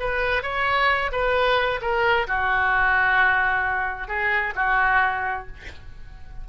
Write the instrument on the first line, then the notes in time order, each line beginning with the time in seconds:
oboe
0.00 B4
0.43 C#5
1.12 B4
1.82 A#4
2.28 F#4
4.08 G#4
4.56 F#4